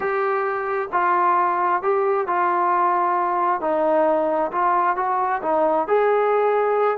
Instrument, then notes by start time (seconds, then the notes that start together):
trombone
0.00 G4
0.92 F4
1.82 G4
2.27 F4
3.60 D#4
4.51 F4
4.96 F#4
5.42 D#4
5.87 G#4